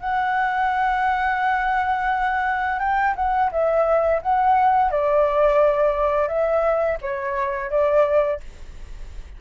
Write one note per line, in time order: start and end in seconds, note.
0.00 2.79 F#5
2.79 3.14 G5
3.16 3.50 F#5
3.51 4.21 E5
4.22 4.91 F#5
4.91 6.28 D5
6.28 6.98 E5
7.01 7.70 C#5
7.70 8.40 D5